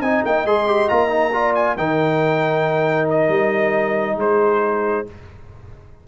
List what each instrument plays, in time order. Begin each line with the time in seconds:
0.00 tuba C4, trombone D#4, horn D#5, trumpet G#5
0.25 tuba A#3, trumpet G5
0.45 tuba G#3, trombone G#4, trumpet C6
0.67 trombone G4
0.89 tuba A#3, trombone F4, trumpet A#5
1.09 trombone D#4
1.33 trombone F4, horn D5
1.54 trumpet G#5
1.77 tuba D#3, trombone D#4, horn A#4, trumpet G5
3.09 trumpet D#5
3.28 tuba G3
4.16 tuba G#3, horn G#4, trumpet C5